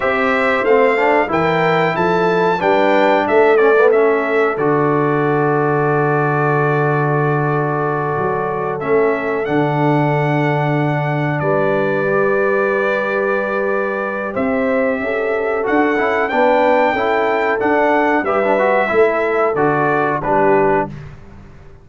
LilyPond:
<<
  \new Staff \with { instrumentName = "trumpet" } { \time 4/4 \tempo 4 = 92 e''4 f''4 g''4 a''4 | g''4 e''8 d''8 e''4 d''4~ | d''1~ | d''4. e''4 fis''4.~ |
fis''4. d''2~ d''8~ | d''2 e''2 | fis''4 g''2 fis''4 | e''2 d''4 b'4 | }
  \new Staff \with { instrumentName = "horn" } { \time 4/4 c''2 ais'4 a'4 | b'4 a'2.~ | a'1~ | a'1~ |
a'4. b'2~ b'8~ | b'2 c''4 a'4~ | a'4 b'4 a'2 | b'4 a'2 g'4 | }
  \new Staff \with { instrumentName = "trombone" } { \time 4/4 g'4 c'8 d'8 e'2 | d'4. cis'16 b16 cis'4 fis'4~ | fis'1~ | fis'4. cis'4 d'4.~ |
d'2~ d'8 g'4.~ | g'1 | fis'8 e'8 d'4 e'4 d'4 | g'16 d'16 fis'8 e'4 fis'4 d'4 | }
  \new Staff \with { instrumentName = "tuba" } { \time 4/4 c'4 a4 e4 f4 | g4 a2 d4~ | d1~ | d8 fis4 a4 d4.~ |
d4. g2~ g8~ | g2 c'4 cis'4 | d'8 cis'8 b4 cis'4 d'4 | g4 a4 d4 g4 | }
>>